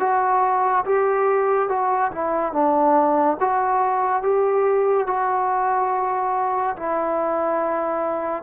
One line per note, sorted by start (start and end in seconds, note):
0.00 0.85 F#4
0.85 1.69 G4
1.69 2.11 F#4
2.12 2.53 E4
2.53 3.37 D4
3.40 4.23 F#4
4.23 5.07 G4
5.07 6.76 F#4
6.76 8.43 E4